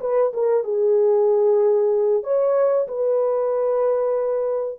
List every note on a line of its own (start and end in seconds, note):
0.00 0.32 B4
0.33 0.64 A#4
0.64 2.23 G#4
2.23 2.87 C#5
2.87 4.79 B4